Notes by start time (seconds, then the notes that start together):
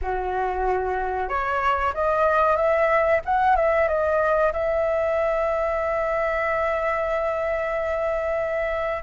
0.01 F#4
1.28 C#5
1.94 D#5
2.56 E5
3.25 F#5
3.56 E5
3.87 D#5
4.52 E5